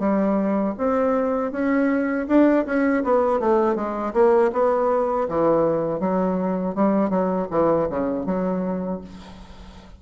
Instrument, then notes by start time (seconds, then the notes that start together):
bassoon
0.00 G3
0.78 C4
1.52 C#4
2.28 D4
2.66 C#4
3.04 B3
3.40 A3
3.76 G#3
4.14 A#3
4.53 B3
5.29 E3
6.00 F#3
6.75 G3
7.10 F#3
7.51 E3
7.90 C#3
8.26 F#3